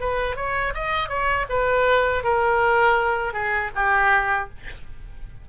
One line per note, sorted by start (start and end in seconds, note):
0.00 0.36 B4
0.36 0.73 C#5
0.74 1.09 D#5
1.09 1.46 C#5
1.49 2.24 B4
2.24 3.33 A#4
3.33 3.70 G#4
3.75 4.49 G4